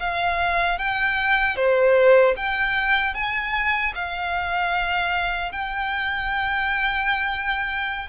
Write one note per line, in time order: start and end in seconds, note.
0.00 0.79 F5
0.79 1.56 G5
1.56 2.35 C5
2.37 3.15 G5
3.15 3.94 G#5
3.95 5.52 F5
5.52 8.09 G5